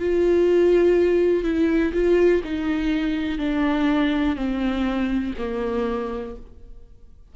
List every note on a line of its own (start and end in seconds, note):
0.00 1.44 F4
1.44 1.93 E4
1.93 2.42 F4
2.44 3.39 D#4
3.39 4.36 D4
4.36 5.34 C4
5.39 6.36 A#3